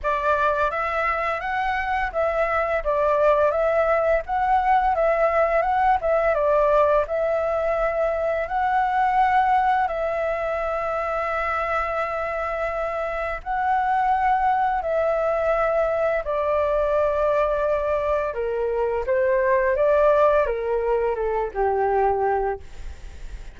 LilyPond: \new Staff \with { instrumentName = "flute" } { \time 4/4 \tempo 4 = 85 d''4 e''4 fis''4 e''4 | d''4 e''4 fis''4 e''4 | fis''8 e''8 d''4 e''2 | fis''2 e''2~ |
e''2. fis''4~ | fis''4 e''2 d''4~ | d''2 ais'4 c''4 | d''4 ais'4 a'8 g'4. | }